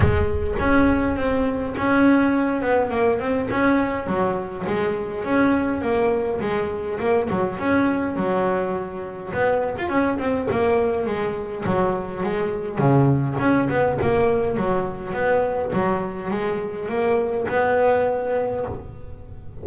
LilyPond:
\new Staff \with { instrumentName = "double bass" } { \time 4/4 \tempo 4 = 103 gis4 cis'4 c'4 cis'4~ | cis'8 b8 ais8 c'8 cis'4 fis4 | gis4 cis'4 ais4 gis4 | ais8 fis8 cis'4 fis2 |
b8. f'16 cis'8 c'8 ais4 gis4 | fis4 gis4 cis4 cis'8 b8 | ais4 fis4 b4 fis4 | gis4 ais4 b2 | }